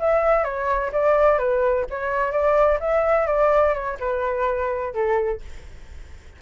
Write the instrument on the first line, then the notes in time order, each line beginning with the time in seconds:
flute
0.00 E5
0.45 C#5
0.93 D5
1.39 B4
1.90 C#5
2.32 D5
2.80 E5
3.27 D5
3.75 C#5
4.00 B4
4.94 A4